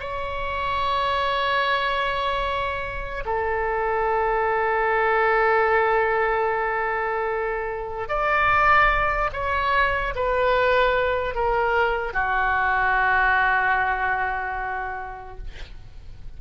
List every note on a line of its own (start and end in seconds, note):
0.00 3.24 C#5
3.25 8.09 A4
8.09 9.30 D5
9.33 10.14 C#5
10.16 11.36 B4
11.36 12.14 A#4
12.14 15.38 F#4